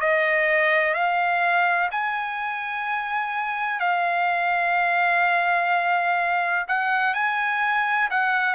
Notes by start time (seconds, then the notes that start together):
0.00 D#5
0.94 F5
1.91 G#5
3.80 F5
6.68 F#5
7.14 G#5
8.10 F#5